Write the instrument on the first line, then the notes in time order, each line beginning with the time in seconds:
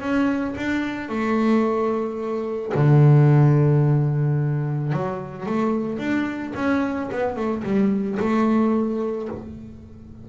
double bass
0.00 C#4
0.57 D4
1.09 A3
2.74 D3
4.92 F#3
5.45 A3
5.98 D4
6.55 C#4
7.11 B3
7.36 A3
7.63 G3
8.19 A3